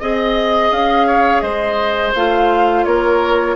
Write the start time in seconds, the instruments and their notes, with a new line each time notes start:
0.00 bassoon C4, clarinet G#4, oboe D#5, flute D#5
0.71 bassoon C#4, flute F5
1.07 oboe C#5
1.40 bassoon G#3, oboe C5, flute D#5
2.15 bassoon A3, clarinet F4, flute F5
2.85 bassoon A#3, oboe A#4, flute C#5